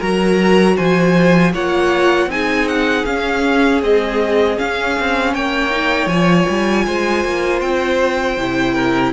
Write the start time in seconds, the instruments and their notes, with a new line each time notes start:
0.00 cello F#3, viola F#4, violin A#4 A#5
0.76 cello F3, violin C5 G#5
1.54 cello A#3, viola F4, violin C#5 F#5
2.27 cello C4, viola D#4, violin G#4 G#5
2.68 violin F#5
3.06 cello C#4, viola C#4, violin F5
3.82 viola G#3, cello C4, violin D#5
4.57 viola C#4, cello C#4, violin F5
5.00 cello C4
5.33 cello A#3, violin C#5 G5
5.71 viola D#4
6.07 cello F3, violin G#5
6.14 viola F4
6.50 cello G3
6.87 cello G#3, violin C5
7.25 cello A#3
7.61 cello C4, violin G5
8.38 cello C3, viola E4
8.75 violin A#4